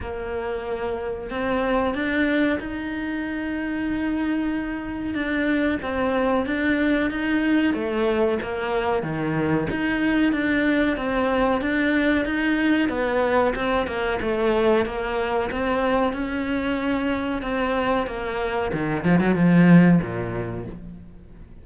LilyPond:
\new Staff \with { instrumentName = "cello" } { \time 4/4 \tempo 4 = 93 ais2 c'4 d'4 | dis'1 | d'4 c'4 d'4 dis'4 | a4 ais4 dis4 dis'4 |
d'4 c'4 d'4 dis'4 | b4 c'8 ais8 a4 ais4 | c'4 cis'2 c'4 | ais4 dis8 f16 fis16 f4 ais,4 | }